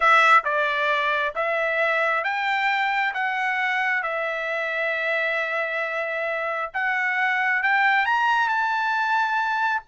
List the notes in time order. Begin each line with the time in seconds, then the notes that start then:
0.00 E5
0.44 D5
1.35 E5
2.24 G5
3.14 F#5
4.03 E5
6.73 F#5
7.62 G5
8.05 A#5
8.48 A5